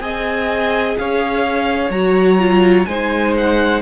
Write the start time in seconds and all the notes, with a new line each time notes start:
0.00 C4 G#4 D#5 G#5
0.98 C#4 C#5 F5
1.90 F#3 F#4 A#5
2.38 F4
2.86 G#3 D#4 C5 G#5
3.37 F#5